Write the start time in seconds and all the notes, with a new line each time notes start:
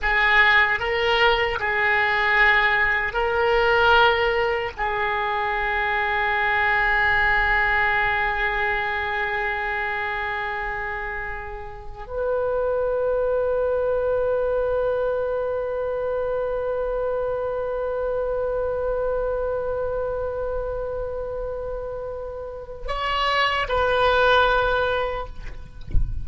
0.01 G#4
0.79 A#4
1.59 G#4
3.13 A#4
4.77 G#4
12.07 B4
22.87 C#5
23.68 B4